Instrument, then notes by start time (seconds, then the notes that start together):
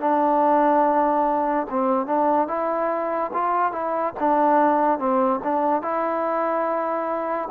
trombone
0.00 D4
1.70 C4
2.06 D4
2.47 E4
3.33 F4
3.72 E4
4.19 D4
4.99 C4
5.44 D4
5.82 E4